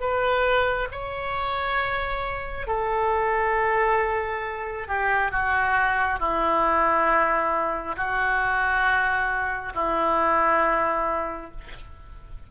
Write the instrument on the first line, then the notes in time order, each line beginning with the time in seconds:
oboe
0.00 B4
0.91 C#5
2.67 A4
4.88 G4
5.31 F#4
6.20 E4
7.97 F#4
9.75 E4